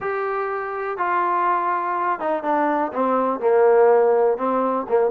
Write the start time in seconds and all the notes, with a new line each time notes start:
0.00 G4
0.97 F4
2.19 D#4
2.43 D4
2.92 C4
3.40 A#3
4.37 C4
4.88 A#3